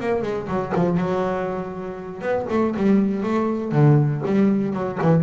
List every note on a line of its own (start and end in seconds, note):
0.00 0.22 A#3
0.22 0.47 G#3
0.48 0.73 F#3
0.75 0.98 F3
0.98 2.22 F#3
2.22 2.47 B3
2.50 2.75 A3
2.77 3.23 G3
3.23 3.72 A3
3.72 4.22 D3
4.26 4.74 G3
4.74 4.99 F#3
5.02 5.23 E3